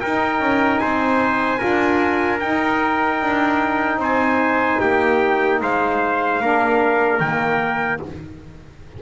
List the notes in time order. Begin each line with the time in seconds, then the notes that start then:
0.00 D#4 A#4 G5
0.40 C#4
0.78 C4 C5 G#5
1.58 D4 F4 A#4
2.40 D#4 G5
3.22 D4
3.96 C4 C5
4.02 G#5
4.80 A#3 G4 G5
5.61 G#3 C5 F5
6.40 A#3 D4 A#4
7.20 D#3 A#3 G5